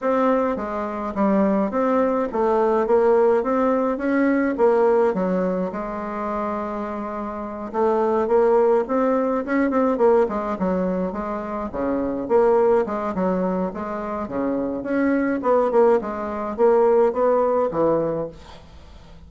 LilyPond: \new Staff \with { instrumentName = "bassoon" } { \time 4/4 \tempo 4 = 105 c'4 gis4 g4 c'4 | a4 ais4 c'4 cis'4 | ais4 fis4 gis2~ | gis4. a4 ais4 c'8~ |
c'8 cis'8 c'8 ais8 gis8 fis4 gis8~ | gis8 cis4 ais4 gis8 fis4 | gis4 cis4 cis'4 b8 ais8 | gis4 ais4 b4 e4 | }